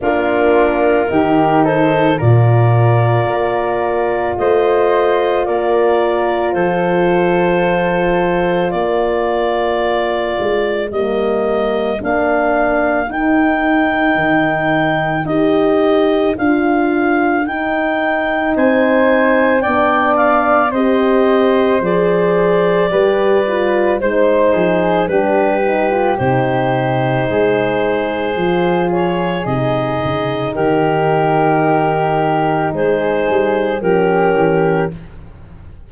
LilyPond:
<<
  \new Staff \with { instrumentName = "clarinet" } { \time 4/4 \tempo 4 = 55 ais'4. c''8 d''2 | dis''4 d''4 c''2 | d''2 dis''4 f''4 | g''2 dis''4 f''4 |
g''4 gis''4 g''8 f''8 dis''4 | d''2 c''4 b'4 | c''2~ c''8 cis''8 dis''4 | ais'2 c''4 ais'4 | }
  \new Staff \with { instrumentName = "flute" } { \time 4/4 f'4 g'8 a'8 ais'2 | c''4 ais'4 a'2 | ais'1~ | ais'1~ |
ais'4 c''4 d''4 c''4~ | c''4 b'4 c''8 gis'8 g'4~ | g'4 gis'2. | g'2 gis'4 g'4 | }
  \new Staff \with { instrumentName = "horn" } { \time 4/4 d'4 dis'4 f'2~ | f'1~ | f'2 ais4 d'4 | dis'2 g'4 f'4 |
dis'2 d'4 g'4 | gis'4 g'8 f'8 dis'4 d'8 dis'16 f'16 | dis'2 f'4 dis'4~ | dis'2. cis'4 | }
  \new Staff \with { instrumentName = "tuba" } { \time 4/4 ais4 dis4 ais,4 ais4 | a4 ais4 f2 | ais4. gis8 g4 ais4 | dis'4 dis4 dis'4 d'4 |
dis'4 c'4 b4 c'4 | f4 g4 gis8 f8 g4 | c4 gis4 f4 c8 cis8 | dis2 gis8 g8 f8 e8 | }
>>